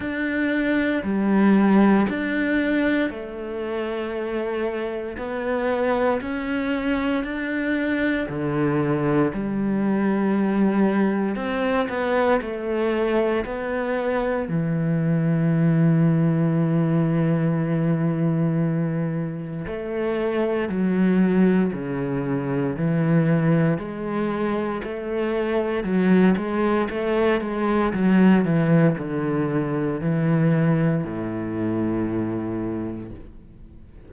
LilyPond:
\new Staff \with { instrumentName = "cello" } { \time 4/4 \tempo 4 = 58 d'4 g4 d'4 a4~ | a4 b4 cis'4 d'4 | d4 g2 c'8 b8 | a4 b4 e2~ |
e2. a4 | fis4 cis4 e4 gis4 | a4 fis8 gis8 a8 gis8 fis8 e8 | d4 e4 a,2 | }